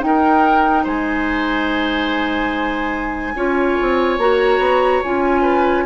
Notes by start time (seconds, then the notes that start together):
0.00 D#4 G5
0.06 A#4
0.83 G#3 C5 G#5
3.35 C#4 F4 C#5
3.81 C4
4.18 A#3 F#4 A#5
4.58 B3
5.03 C#4 F4 G#5
5.42 B4